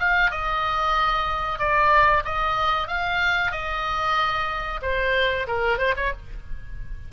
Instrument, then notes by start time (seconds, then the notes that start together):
oboe
0.00 F5
0.31 D#5
1.59 D5
2.25 D#5
2.88 F5
3.52 D#5
4.83 C5
5.48 A#4
5.79 C5
5.97 C#5